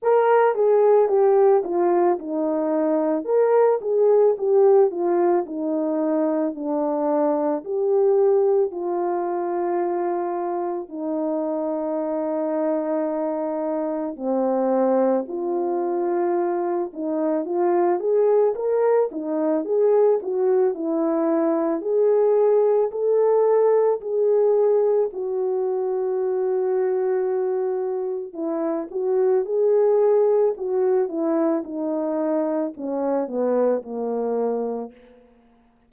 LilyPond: \new Staff \with { instrumentName = "horn" } { \time 4/4 \tempo 4 = 55 ais'8 gis'8 g'8 f'8 dis'4 ais'8 gis'8 | g'8 f'8 dis'4 d'4 g'4 | f'2 dis'2~ | dis'4 c'4 f'4. dis'8 |
f'8 gis'8 ais'8 dis'8 gis'8 fis'8 e'4 | gis'4 a'4 gis'4 fis'4~ | fis'2 e'8 fis'8 gis'4 | fis'8 e'8 dis'4 cis'8 b8 ais4 | }